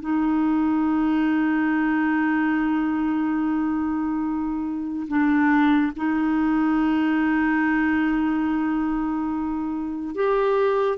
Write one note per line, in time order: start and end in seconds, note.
0.00 5.07 D#4
5.08 5.92 D4
5.96 10.15 D#4
10.15 10.98 G4